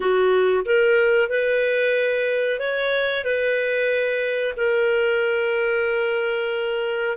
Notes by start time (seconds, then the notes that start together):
0.00 F#4
0.65 A#4
1.29 B4
2.59 C#5
3.24 B4
4.56 A#4